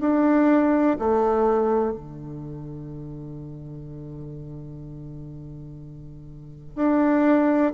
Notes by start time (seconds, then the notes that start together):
0.00 D4
0.99 A3
1.92 D3
6.76 D4